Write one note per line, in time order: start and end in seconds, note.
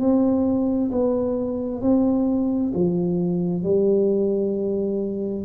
0.00 0.91 C4
0.91 1.82 B3
1.82 2.73 C4
2.74 3.64 F3
3.64 5.45 G3